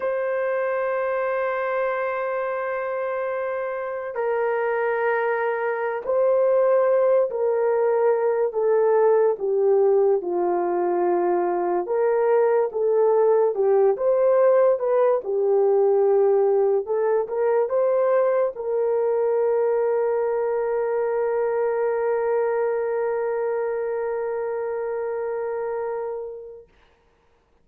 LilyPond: \new Staff \with { instrumentName = "horn" } { \time 4/4 \tempo 4 = 72 c''1~ | c''4 ais'2~ ais'16 c''8.~ | c''8. ais'4. a'4 g'8.~ | g'16 f'2 ais'4 a'8.~ |
a'16 g'8 c''4 b'8 g'4.~ g'16~ | g'16 a'8 ais'8 c''4 ais'4.~ ais'16~ | ais'1~ | ais'1 | }